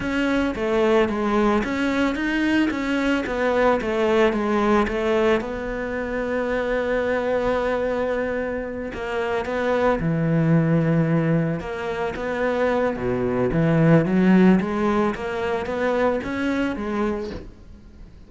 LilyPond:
\new Staff \with { instrumentName = "cello" } { \time 4/4 \tempo 4 = 111 cis'4 a4 gis4 cis'4 | dis'4 cis'4 b4 a4 | gis4 a4 b2~ | b1~ |
b8 ais4 b4 e4.~ | e4. ais4 b4. | b,4 e4 fis4 gis4 | ais4 b4 cis'4 gis4 | }